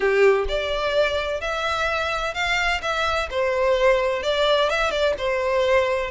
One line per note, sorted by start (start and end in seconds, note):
0.00 0.45 G4
0.48 1.40 D5
1.40 2.34 E5
2.34 2.80 F5
2.81 3.28 E5
3.30 4.23 C5
4.23 4.69 D5
4.69 4.90 E5
4.90 5.14 D5
5.18 6.10 C5